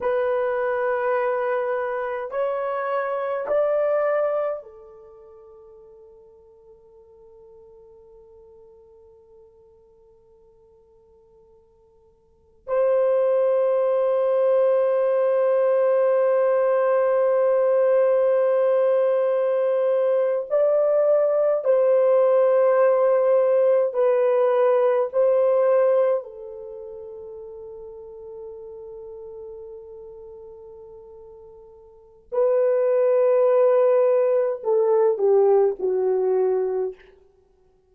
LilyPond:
\new Staff \with { instrumentName = "horn" } { \time 4/4 \tempo 4 = 52 b'2 cis''4 d''4 | a'1~ | a'2. c''4~ | c''1~ |
c''4.~ c''16 d''4 c''4~ c''16~ | c''8. b'4 c''4 a'4~ a'16~ | a'1 | b'2 a'8 g'8 fis'4 | }